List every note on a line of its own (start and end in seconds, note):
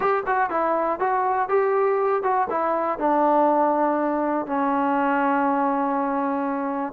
0.00 0.23 G4
0.26 0.50 F#4
0.50 0.99 E4
0.99 1.49 F#4
1.49 2.22 G4
2.22 2.47 F#4
2.50 2.98 E4
2.98 4.46 D4
4.46 6.93 C#4